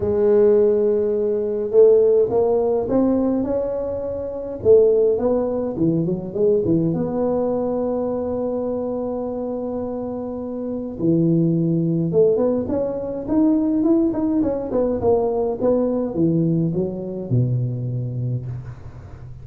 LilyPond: \new Staff \with { instrumentName = "tuba" } { \time 4/4 \tempo 4 = 104 gis2. a4 | ais4 c'4 cis'2 | a4 b4 e8 fis8 gis8 e8 | b1~ |
b2. e4~ | e4 a8 b8 cis'4 dis'4 | e'8 dis'8 cis'8 b8 ais4 b4 | e4 fis4 b,2 | }